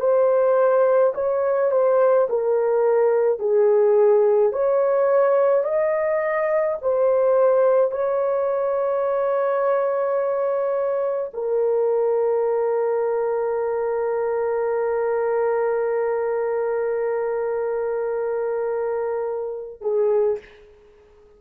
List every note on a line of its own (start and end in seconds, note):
0.00 1.13 C5
1.14 1.71 C#5
1.71 2.27 C5
2.29 3.39 A#4
3.39 4.52 G#4
4.52 5.64 C#5
5.64 6.77 D#5
6.81 7.91 C5
7.91 11.31 C#5
11.33 19.81 A#4
19.81 20.38 G#4